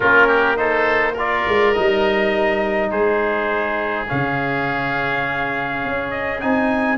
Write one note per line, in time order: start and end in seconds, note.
0.00 1.44 A#3
0.00 0.56 C#4
0.00 0.27 F4
0.00 0.57 A#4
0.27 0.56 G4
0.56 1.14 D#4
0.56 1.13 A4
0.56 1.15 C5
1.13 1.75 F4
1.13 2.87 A#4
1.13 1.74 D5
1.47 1.76 G#3
1.74 2.91 G3
1.74 4.07 D#4
1.74 2.90 D#5
2.91 4.08 G#3
2.91 6.97 G#4
2.91 4.07 C5
4.07 5.84 C#3
4.07 6.40 C#4
4.07 6.10 F5
5.84 6.43 C#4
6.10 6.39 D#5
6.40 6.97 C4
6.40 6.97 D#4
6.40 6.97 G#5